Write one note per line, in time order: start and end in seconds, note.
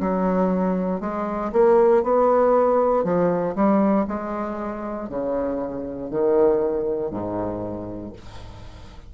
0.00 1.01 F#3
1.01 1.52 G#3
1.53 2.03 A#3
2.03 3.04 B3
3.04 3.55 F3
3.55 4.06 G3
4.08 5.09 G#3
5.09 6.10 C#3
6.10 7.11 D#3
7.11 8.13 G#2